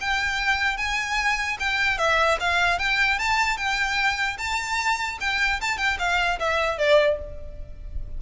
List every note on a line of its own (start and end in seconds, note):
0.00 0.77 G5
0.77 1.57 G#5
1.59 1.98 G5
1.98 2.38 E5
2.40 2.79 F5
2.79 3.19 G5
3.19 3.57 A5
3.57 4.37 G5
4.38 5.18 A5
5.20 5.60 G5
5.61 5.77 A5
5.77 5.97 G5
5.98 6.38 F5
6.39 6.78 E5
6.78 7.18 D5